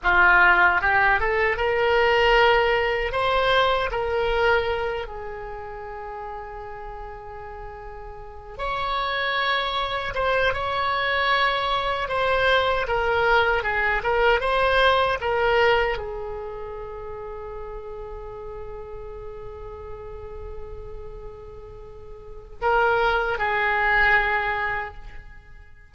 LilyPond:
\new Staff \with { instrumentName = "oboe" } { \time 4/4 \tempo 4 = 77 f'4 g'8 a'8 ais'2 | c''4 ais'4. gis'4.~ | gis'2. cis''4~ | cis''4 c''8 cis''2 c''8~ |
c''8 ais'4 gis'8 ais'8 c''4 ais'8~ | ais'8 gis'2.~ gis'8~ | gis'1~ | gis'4 ais'4 gis'2 | }